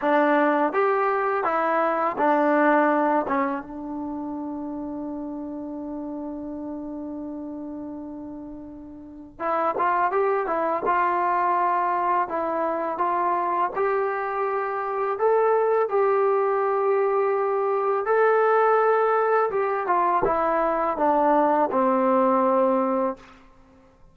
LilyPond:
\new Staff \with { instrumentName = "trombone" } { \time 4/4 \tempo 4 = 83 d'4 g'4 e'4 d'4~ | d'8 cis'8 d'2.~ | d'1~ | d'4 e'8 f'8 g'8 e'8 f'4~ |
f'4 e'4 f'4 g'4~ | g'4 a'4 g'2~ | g'4 a'2 g'8 f'8 | e'4 d'4 c'2 | }